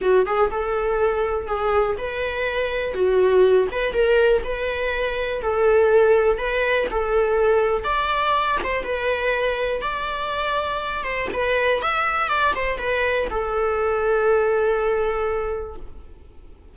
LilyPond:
\new Staff \with { instrumentName = "viola" } { \time 4/4 \tempo 4 = 122 fis'8 gis'8 a'2 gis'4 | b'2 fis'4. b'8 | ais'4 b'2 a'4~ | a'4 b'4 a'2 |
d''4. c''8 b'2 | d''2~ d''8 c''8 b'4 | e''4 d''8 c''8 b'4 a'4~ | a'1 | }